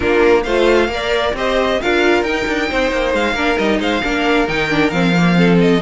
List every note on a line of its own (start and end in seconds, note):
0.00 0.45 A#3
0.00 0.44 D4
0.00 0.42 F4
0.00 0.43 A#4
0.43 0.88 A3
0.43 0.89 F4
0.43 0.89 C5
0.43 1.32 F5
0.88 1.32 A#3
0.88 1.34 A#4
0.88 1.35 D5
1.33 1.78 C4
1.33 1.80 G4
1.33 1.80 C5
1.33 1.81 D#5
1.81 2.22 D4
1.81 2.26 F4
1.81 2.69 A#4
1.81 2.23 F5
2.22 2.45 D#4
2.22 3.36 D#4
2.22 3.12 G5
2.47 2.70 D4
2.69 2.91 C4
2.69 3.33 C5
2.91 3.13 A#3
3.13 3.33 G#3
3.13 3.58 F5
3.33 3.56 A#3
3.33 3.55 D4
3.33 3.78 A#4
3.55 3.79 G3
3.55 4.00 D#4
3.55 3.80 D#5
3.79 4.01 G#3
3.79 4.01 C5
3.79 4.48 F5
4.01 4.48 A#3
4.01 4.47 D4
4.01 5.36 A#4
4.47 4.91 D#3
4.47 4.69 D#4
4.47 4.90 G5
4.69 4.92 D4
4.90 5.81 F3
4.90 5.14 C4
4.90 5.57 F5
5.16 5.35 A#3
5.35 5.80 C4
5.35 5.81 A4
5.60 5.81 D#5